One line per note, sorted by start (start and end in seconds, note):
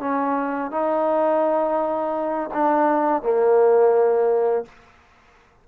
0.00 0.71 C#4
0.71 2.50 D#4
2.54 3.23 D4
3.23 4.66 A#3